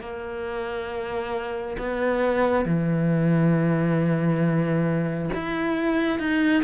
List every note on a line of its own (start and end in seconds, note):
0.00 1.76 A#3
1.78 2.65 B3
2.65 5.30 E3
5.34 6.19 E4
6.19 6.63 D#4